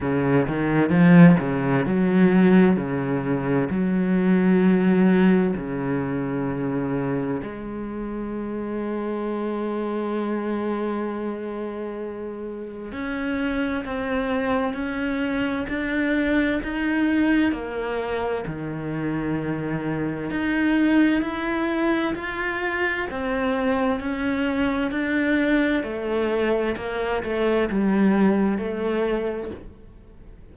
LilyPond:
\new Staff \with { instrumentName = "cello" } { \time 4/4 \tempo 4 = 65 cis8 dis8 f8 cis8 fis4 cis4 | fis2 cis2 | gis1~ | gis2 cis'4 c'4 |
cis'4 d'4 dis'4 ais4 | dis2 dis'4 e'4 | f'4 c'4 cis'4 d'4 | a4 ais8 a8 g4 a4 | }